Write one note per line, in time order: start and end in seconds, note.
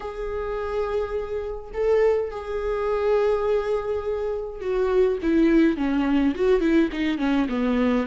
0.00 1.71 G#4
1.73 2.31 A4
2.31 4.60 G#4
4.60 5.18 F#4
5.22 5.76 E4
5.76 6.34 C#4
6.34 6.60 F#4
6.60 6.89 E4
6.92 7.18 D#4
7.18 7.47 C#4
7.48 8.06 B3